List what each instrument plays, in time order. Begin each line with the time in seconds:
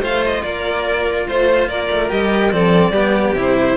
0.00 cello A3 F4, violin C5 F5
0.25 violin D#5
0.43 cello A#3, violin A#4 D5
1.27 cello A3, violin C5
1.68 cello A#3, violin A#4 D5
1.91 cello A3
2.10 cello G3 G4, violin D#5
2.52 cello F3 C4, violin A4 D5
2.90 cello G3 B3, violin G4
3.34 cello C3 E4
3.41 violin C5